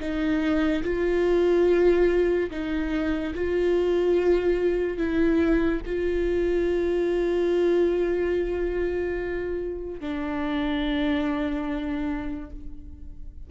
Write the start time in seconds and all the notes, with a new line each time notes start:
0.00 D#4
0.84 F4
2.51 D#4
3.35 F4
4.98 E4
5.86 F4
10.00 D4